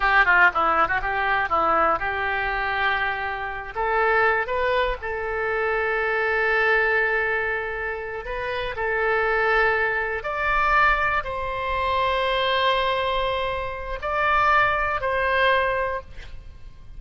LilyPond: \new Staff \with { instrumentName = "oboe" } { \time 4/4 \tempo 4 = 120 g'8 f'8 e'8. fis'16 g'4 e'4 | g'2.~ g'8 a'8~ | a'4 b'4 a'2~ | a'1~ |
a'8 b'4 a'2~ a'8~ | a'8 d''2 c''4.~ | c''1 | d''2 c''2 | }